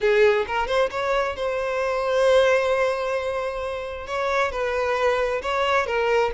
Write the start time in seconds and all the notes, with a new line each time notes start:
0.00 G#4
0.47 A#4
0.67 C5
0.90 C#5
1.36 C5
4.07 C#5
4.51 B4
5.42 C#5
5.86 A#4